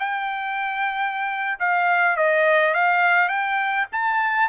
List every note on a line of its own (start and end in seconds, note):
0.00 1.59 G5
1.59 2.17 F5
2.17 2.75 D#5
2.75 3.29 F5
3.29 3.87 G5
3.92 4.49 A5